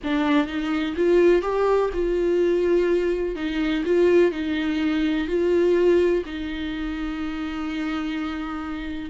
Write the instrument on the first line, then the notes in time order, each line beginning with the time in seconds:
viola
0.03 D4
0.46 D#4
0.96 F4
1.42 G4
1.93 F4
3.35 D#4
3.85 F4
4.31 D#4
5.27 F4
6.25 D#4